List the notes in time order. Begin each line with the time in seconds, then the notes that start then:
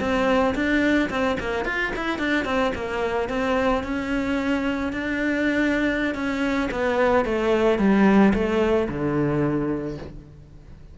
0.00 C4
0.55 D4
1.10 C4
1.40 A#3
1.65 F4
1.95 E4
2.18 D4
2.45 C4
2.75 A#3
3.29 C4
3.83 C#4
4.93 D4
6.14 C#4
6.71 B3
7.25 A3
7.79 G3
8.34 A3
8.89 D3